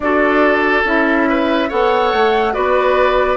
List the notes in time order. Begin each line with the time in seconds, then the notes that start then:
0.00 D4 F#4 A4 D5
0.85 C#4 E4 E5
1.29 B4
1.68 B3 A4 C#5 F#5
2.12 A3
2.53 B3 F#4 B4 D5